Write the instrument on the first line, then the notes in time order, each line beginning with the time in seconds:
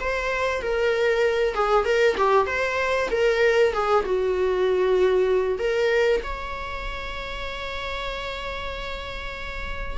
viola
0.00 C5
0.62 A#4
1.55 G#4
1.85 A#4
2.17 G4
2.46 C5
3.11 A#4
3.73 G#4
4.05 F#4
5.59 A#4
6.23 C#5